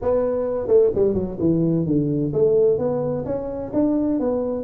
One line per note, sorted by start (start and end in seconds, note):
0.01 0.67 B3
0.67 0.90 A3
0.95 1.14 G3
1.14 1.37 F#3
1.39 1.86 E3
1.86 2.32 D3
2.33 2.78 A3
2.78 3.24 B3
3.25 3.71 C#4
3.73 4.19 D4
4.19 4.64 B3